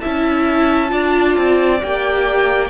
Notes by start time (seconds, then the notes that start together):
0.00 C#4 E4 E5 A5
0.89 D4 F4 D5
1.37 C4
1.81 A#3 G4 G5